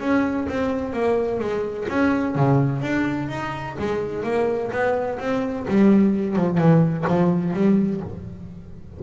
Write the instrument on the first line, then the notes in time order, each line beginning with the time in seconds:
double bass
0.00 C#4
0.49 C4
0.93 A#3
1.40 G#3
1.89 C#4
2.35 C#3
2.82 D4
3.29 D#4
3.79 G#3
4.23 A#3
4.72 B3
5.19 C4
5.68 G3
6.36 F3
6.58 E3
7.08 F3
7.54 G3